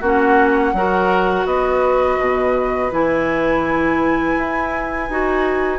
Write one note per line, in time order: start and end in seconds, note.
0.00 0.73 A#3
0.00 0.75 C#4
0.00 0.72 F#4
0.00 1.46 F#5
0.73 1.45 F#3
0.73 2.92 F#4
0.73 1.47 A#4
1.46 2.18 B3
1.46 5.79 B4
1.46 2.91 D#5
2.19 2.91 B2
2.92 4.36 E3
2.92 5.09 E4
2.92 5.79 G#5
4.38 5.09 E4
5.09 5.79 D#4
5.09 5.79 F#4